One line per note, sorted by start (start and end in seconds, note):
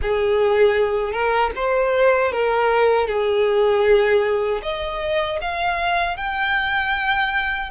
0.02 1.12 G#4
1.12 1.50 A#4
1.55 2.31 C5
2.31 3.07 A#4
3.07 4.61 G#4
4.62 5.39 D#5
5.41 6.16 F5
6.16 7.70 G5